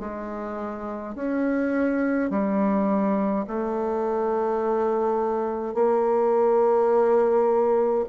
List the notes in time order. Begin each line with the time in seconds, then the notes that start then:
0.00 G#3
1.15 C#4
2.30 G3
3.47 A3
5.74 A#3